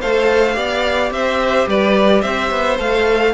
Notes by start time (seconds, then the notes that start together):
0.00 A3 A4 C5 F5
0.54 B3 G4 D5
1.11 C4 C5 E5
1.67 G3 B4 D5
2.21 C4 C5 E5
2.51 B3
2.78 A3 A4 F5